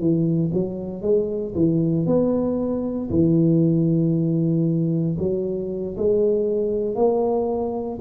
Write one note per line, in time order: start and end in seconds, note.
0.00 0.52 E3
0.54 1.02 F#3
1.02 1.54 G#3
1.55 2.07 E3
2.07 3.10 B3
3.11 5.18 E3
5.19 5.97 F#3
5.97 6.96 G#3
6.96 7.99 A#3